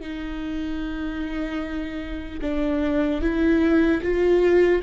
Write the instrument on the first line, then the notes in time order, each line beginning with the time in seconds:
viola
0.00 D#4
2.41 D4
3.21 E4
4.03 F4